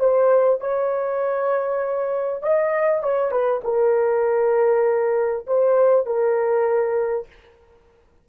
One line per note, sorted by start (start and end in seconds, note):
0.00 0.61 C5
0.61 2.43 C#5
2.43 3.03 D#5
3.03 3.31 C#5
3.31 3.62 B4
3.64 5.46 A#4
5.47 6.06 C5
6.06 7.27 A#4